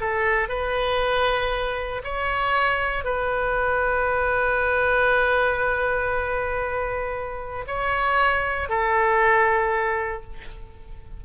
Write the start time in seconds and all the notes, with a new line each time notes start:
0.00 A4
0.48 B4
2.04 C#5
3.04 B4
7.67 C#5
8.69 A4